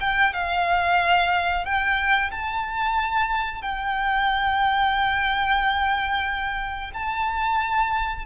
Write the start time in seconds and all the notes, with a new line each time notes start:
0.00 G5
0.33 F5
1.65 G5
2.31 A5
3.62 G5
6.94 A5